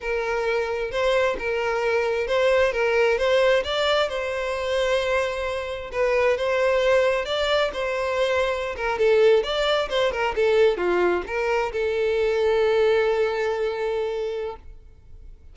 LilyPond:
\new Staff \with { instrumentName = "violin" } { \time 4/4 \tempo 4 = 132 ais'2 c''4 ais'4~ | ais'4 c''4 ais'4 c''4 | d''4 c''2.~ | c''4 b'4 c''2 |
d''4 c''2~ c''16 ais'8 a'16~ | a'8. d''4 c''8 ais'8 a'4 f'16~ | f'8. ais'4 a'2~ a'16~ | a'1 | }